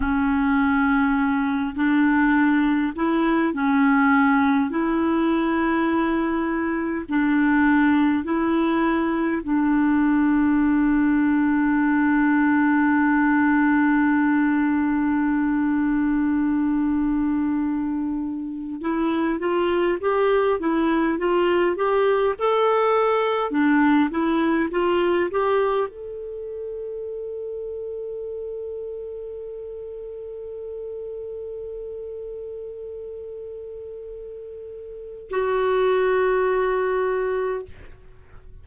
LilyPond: \new Staff \with { instrumentName = "clarinet" } { \time 4/4 \tempo 4 = 51 cis'4. d'4 e'8 cis'4 | e'2 d'4 e'4 | d'1~ | d'1 |
e'8 f'8 g'8 e'8 f'8 g'8 a'4 | d'8 e'8 f'8 g'8 a'2~ | a'1~ | a'2 fis'2 | }